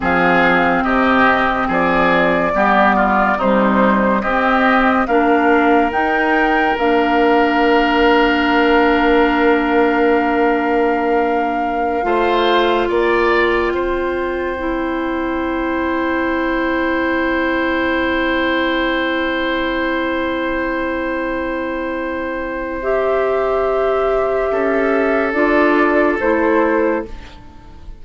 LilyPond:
<<
  \new Staff \with { instrumentName = "flute" } { \time 4/4 \tempo 4 = 71 f''4 dis''4 d''2 | c''4 dis''4 f''4 g''4 | f''1~ | f''2.~ f''16 g''8.~ |
g''1~ | g''1~ | g''2. e''4~ | e''2 d''4 c''4 | }
  \new Staff \with { instrumentName = "oboe" } { \time 4/4 gis'4 g'4 gis'4 g'8 f'8 | dis'4 g'4 ais'2~ | ais'1~ | ais'2~ ais'16 c''4 d''8.~ |
d''16 c''2.~ c''8.~ | c''1~ | c''1~ | c''4 a'2. | }
  \new Staff \with { instrumentName = "clarinet" } { \time 4/4 c'2. b4 | g4 c'4 d'4 dis'4 | d'1~ | d'2~ d'16 f'4.~ f'16~ |
f'4~ f'16 e'2~ e'8.~ | e'1~ | e'2. g'4~ | g'2 f'4 e'4 | }
  \new Staff \with { instrumentName = "bassoon" } { \time 4/4 f4 c4 f4 g4 | c4 c'4 ais4 dis'4 | ais1~ | ais2~ ais16 a4 ais8.~ |
ais16 c'2.~ c'8.~ | c'1~ | c'1~ | c'4 cis'4 d'4 a4 | }
>>